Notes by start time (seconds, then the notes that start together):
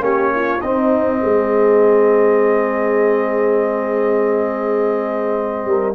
0.00 A#3 C#4 G4 C#5
0.35 F4
0.61 C4 D#4 D#5
1.22 G#3 G#4
5.65 G3 A#4